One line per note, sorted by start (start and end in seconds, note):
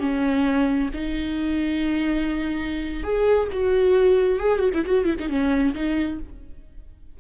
0.00 0.90 C#4
0.94 3.03 D#4
3.03 3.48 G#4
3.52 4.40 F#4
4.40 4.59 G#4
4.59 4.70 F#4
4.74 4.85 E4
4.86 5.05 F#4
5.05 5.16 E4
5.20 5.29 D#4
5.29 5.74 C#4
5.74 6.19 D#4